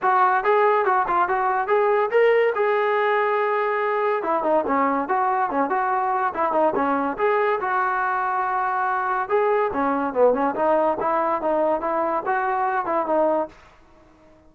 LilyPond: \new Staff \with { instrumentName = "trombone" } { \time 4/4 \tempo 4 = 142 fis'4 gis'4 fis'8 f'8 fis'4 | gis'4 ais'4 gis'2~ | gis'2 e'8 dis'8 cis'4 | fis'4 cis'8 fis'4. e'8 dis'8 |
cis'4 gis'4 fis'2~ | fis'2 gis'4 cis'4 | b8 cis'8 dis'4 e'4 dis'4 | e'4 fis'4. e'8 dis'4 | }